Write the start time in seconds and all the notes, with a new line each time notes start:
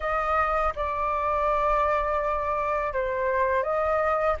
0.00 D#5
0.75 D5
2.93 C5
3.63 D#5